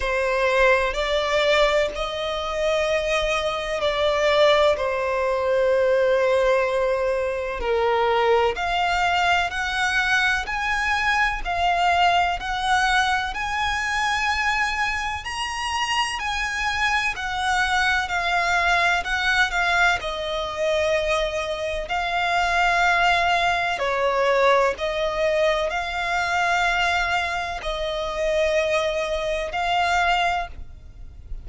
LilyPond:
\new Staff \with { instrumentName = "violin" } { \time 4/4 \tempo 4 = 63 c''4 d''4 dis''2 | d''4 c''2. | ais'4 f''4 fis''4 gis''4 | f''4 fis''4 gis''2 |
ais''4 gis''4 fis''4 f''4 | fis''8 f''8 dis''2 f''4~ | f''4 cis''4 dis''4 f''4~ | f''4 dis''2 f''4 | }